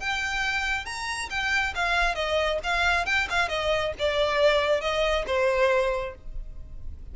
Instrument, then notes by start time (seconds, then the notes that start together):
violin
0.00 G5
0.85 A#5
1.30 G5
1.75 F5
2.15 D#5
2.64 F5
3.06 G5
3.30 F5
3.49 D#5
3.99 D5
4.81 D#5
5.27 C5